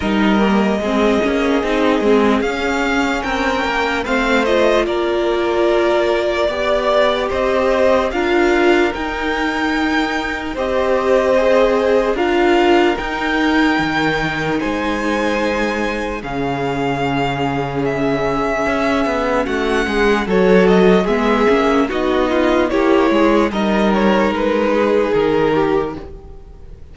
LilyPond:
<<
  \new Staff \with { instrumentName = "violin" } { \time 4/4 \tempo 4 = 74 dis''2. f''4 | g''4 f''8 dis''8 d''2~ | d''4 dis''4 f''4 g''4~ | g''4 dis''2 f''4 |
g''2 gis''2 | f''2 e''2 | fis''4 cis''8 dis''8 e''4 dis''4 | cis''4 dis''8 cis''8 b'4 ais'4 | }
  \new Staff \with { instrumentName = "violin" } { \time 4/4 ais'4 gis'2. | ais'4 c''4 ais'2 | d''4 c''4 ais'2~ | ais'4 c''2 ais'4~ |
ais'2 c''2 | gis'1 | fis'8 gis'8 a'4 gis'4 fis'8 f'8 | g'8 gis'8 ais'4. gis'4 g'8 | }
  \new Staff \with { instrumentName = "viola" } { \time 4/4 dis'8 ais8 c'8 cis'8 dis'8 c'8 cis'4~ | cis'4 c'8 f'2~ f'8 | g'2 f'4 dis'4~ | dis'4 g'4 gis'4 f'4 |
dis'1 | cis'1~ | cis'4 fis'4 b8 cis'8 dis'4 | e'4 dis'2. | }
  \new Staff \with { instrumentName = "cello" } { \time 4/4 g4 gis8 ais8 c'8 gis8 cis'4 | c'8 ais8 a4 ais2 | b4 c'4 d'4 dis'4~ | dis'4 c'2 d'4 |
dis'4 dis4 gis2 | cis2. cis'8 b8 | a8 gis8 fis4 gis8 ais8 b4 | ais8 gis8 g4 gis4 dis4 | }
>>